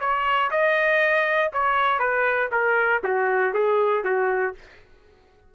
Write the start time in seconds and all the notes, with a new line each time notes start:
0.00 C#5
0.51 D#5
1.53 C#5
1.99 B4
2.52 A#4
3.04 F#4
3.54 G#4
4.04 F#4